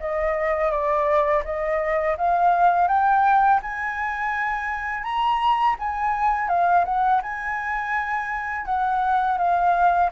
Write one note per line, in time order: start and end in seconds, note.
0.00 0.71 D#5
0.71 1.44 D5
1.45 2.17 D#5
2.18 2.88 F5
2.88 3.60 G5
3.62 5.04 G#5
5.04 5.76 A#5
5.79 6.49 G#5
6.49 6.85 F5
6.86 7.22 F#5
7.23 8.66 G#5
8.66 9.38 F#5
9.38 10.10 F5